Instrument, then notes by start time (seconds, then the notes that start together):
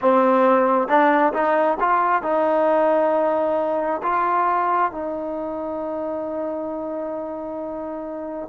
trombone
0.01 C4
0.88 D4
1.33 D#4
1.80 F4
2.22 D#4
4.02 F4
4.91 D#4